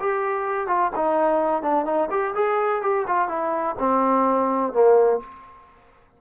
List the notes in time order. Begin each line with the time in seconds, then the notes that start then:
0.00 G4
0.67 F4
0.96 D#4
1.63 D4
1.85 D#4
2.10 G4
2.35 G#4
2.82 G4
3.07 F4
3.28 E4
3.79 C4
4.73 A#3